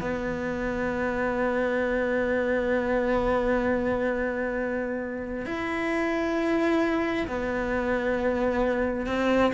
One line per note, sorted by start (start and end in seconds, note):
0.00 5.45 B3
5.45 7.27 E4
7.27 9.06 B3
9.06 9.52 C4